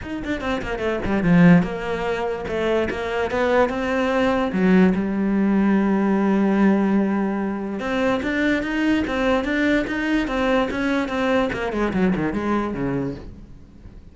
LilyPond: \new Staff \with { instrumentName = "cello" } { \time 4/4 \tempo 4 = 146 dis'8 d'8 c'8 ais8 a8 g8 f4 | ais2 a4 ais4 | b4 c'2 fis4 | g1~ |
g2. c'4 | d'4 dis'4 c'4 d'4 | dis'4 c'4 cis'4 c'4 | ais8 gis8 fis8 dis8 gis4 cis4 | }